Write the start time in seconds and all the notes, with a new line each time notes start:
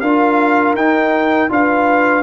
0.00 D4 F4 A#4 F5
0.75 D#4 G5
1.49 D4 F4 B4 F5